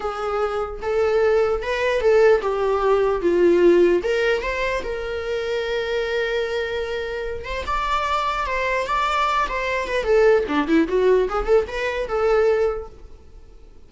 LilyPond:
\new Staff \with { instrumentName = "viola" } { \time 4/4 \tempo 4 = 149 gis'2 a'2 | b'4 a'4 g'2 | f'2 ais'4 c''4 | ais'1~ |
ais'2~ ais'8 c''8 d''4~ | d''4 c''4 d''4. c''8~ | c''8 b'8 a'4 d'8 e'8 fis'4 | gis'8 a'8 b'4 a'2 | }